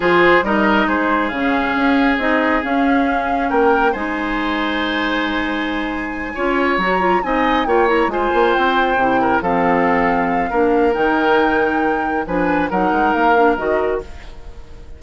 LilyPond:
<<
  \new Staff \with { instrumentName = "flute" } { \time 4/4 \tempo 4 = 137 c''4 dis''4 c''4 f''4~ | f''4 dis''4 f''2 | g''4 gis''2.~ | gis''2.~ gis''8 ais''8~ |
ais''8 gis''4 g''8 ais''8 gis''4 g''8~ | g''4. f''2~ f''8~ | f''4 g''2. | gis''4 fis''4 f''4 dis''4 | }
  \new Staff \with { instrumentName = "oboe" } { \time 4/4 gis'4 ais'4 gis'2~ | gis'1 | ais'4 c''2.~ | c''2~ c''8 cis''4.~ |
cis''8 dis''4 cis''4 c''4.~ | c''4 ais'8 a'2~ a'8 | ais'1 | b'4 ais'2. | }
  \new Staff \with { instrumentName = "clarinet" } { \time 4/4 f'4 dis'2 cis'4~ | cis'4 dis'4 cis'2~ | cis'4 dis'2.~ | dis'2~ dis'8 f'4 fis'8 |
f'8 dis'4 f'8 e'8 f'4.~ | f'8 e'4 c'2~ c'8 | d'4 dis'2. | d'4 dis'4. d'8 fis'4 | }
  \new Staff \with { instrumentName = "bassoon" } { \time 4/4 f4 g4 gis4 cis4 | cis'4 c'4 cis'2 | ais4 gis2.~ | gis2~ gis8 cis'4 fis8~ |
fis8 c'4 ais4 gis8 ais8 c'8~ | c'8 c4 f2~ f8 | ais4 dis2. | f4 fis8 gis8 ais4 dis4 | }
>>